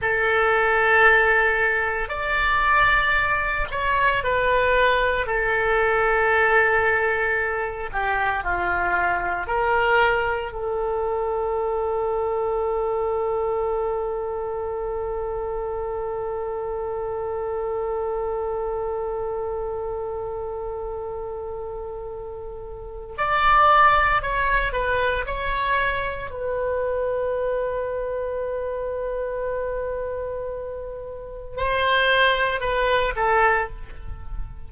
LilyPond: \new Staff \with { instrumentName = "oboe" } { \time 4/4 \tempo 4 = 57 a'2 d''4. cis''8 | b'4 a'2~ a'8 g'8 | f'4 ais'4 a'2~ | a'1~ |
a'1~ | a'2 d''4 cis''8 b'8 | cis''4 b'2.~ | b'2 c''4 b'8 a'8 | }